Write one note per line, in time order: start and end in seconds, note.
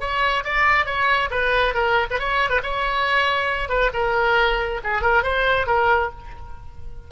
0.00 0.43 C#5
0.44 0.86 D5
0.86 1.29 C#5
1.30 1.74 B4
1.74 2.07 A#4
2.10 2.19 B4
2.19 2.50 C#5
2.50 2.60 B4
2.63 3.69 C#5
3.69 3.91 B4
3.93 4.80 A#4
4.84 5.02 G#4
5.02 5.23 A#4
5.23 5.66 C5
5.66 6.10 A#4